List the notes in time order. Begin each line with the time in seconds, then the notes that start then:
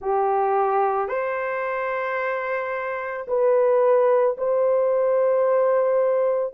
0.01 G4
1.08 C5
3.27 B4
4.37 C5